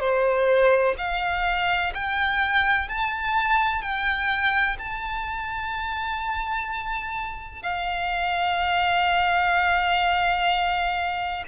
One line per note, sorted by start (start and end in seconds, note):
0.00 0.95 C5
0.98 1.93 F5
1.94 2.89 G5
2.89 3.82 A5
3.82 4.77 G5
4.79 7.63 A5
7.63 11.44 F5